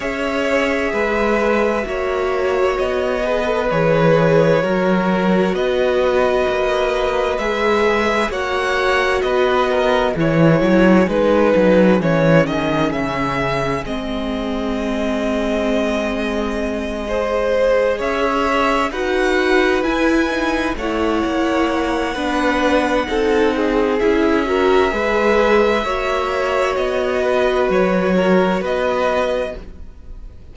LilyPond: <<
  \new Staff \with { instrumentName = "violin" } { \time 4/4 \tempo 4 = 65 e''2. dis''4 | cis''2 dis''2 | e''4 fis''4 dis''4 cis''4 | b'4 cis''8 dis''8 e''4 dis''4~ |
dis''2.~ dis''8 e''8~ | e''8 fis''4 gis''4 fis''4.~ | fis''2 e''2~ | e''4 dis''4 cis''4 dis''4 | }
  \new Staff \with { instrumentName = "violin" } { \time 4/4 cis''4 b'4 cis''4. b'8~ | b'4 ais'4 b'2~ | b'4 cis''4 b'8 ais'8 gis'4~ | gis'1~ |
gis'2~ gis'8 c''4 cis''8~ | cis''8 b'2 cis''4. | b'4 a'8 gis'4 ais'8 b'4 | cis''4. b'4 ais'8 b'4 | }
  \new Staff \with { instrumentName = "viola" } { \time 4/4 gis'2 fis'4. gis'16 a'16 | gis'4 fis'2. | gis'4 fis'2 e'4 | dis'4 cis'2 c'4~ |
c'2~ c'8 gis'4.~ | gis'8 fis'4 e'8 dis'8 e'4. | d'4 dis'4 e'8 fis'8 gis'4 | fis'1 | }
  \new Staff \with { instrumentName = "cello" } { \time 4/4 cis'4 gis4 ais4 b4 | e4 fis4 b4 ais4 | gis4 ais4 b4 e8 fis8 | gis8 fis8 e8 dis8 cis4 gis4~ |
gis2.~ gis8 cis'8~ | cis'8 dis'4 e'4 a8 ais4 | b4 c'4 cis'4 gis4 | ais4 b4 fis4 b4 | }
>>